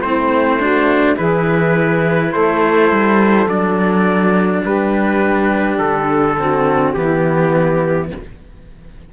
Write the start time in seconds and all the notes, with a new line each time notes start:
0.00 A3 C4 E4 C5
0.59 D4 F#4
1.16 E3 E4 G#4 B4
2.31 A3 A4 C5
2.91 G3
3.46 F#3 D4 D5
4.62 G3 G4 B4
5.78 D3 A4
6.38 C4 F#4
6.93 E3 B3 E4 G4